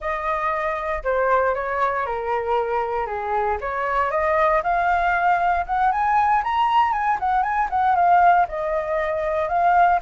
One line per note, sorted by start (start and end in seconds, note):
0.00 1.03 D#5
1.03 1.55 C5
1.55 2.05 C#5
2.05 3.06 A#4
3.06 3.57 G#4
3.60 4.10 C#5
4.10 4.62 D#5
4.63 5.65 F5
5.66 5.91 F#5
5.91 6.42 G#5
6.43 6.92 A#5
6.92 7.17 G#5
7.19 7.42 F#5
7.42 7.68 G#5
7.69 7.95 F#5
7.95 8.46 F5
8.48 9.48 D#5
9.48 10.00 F5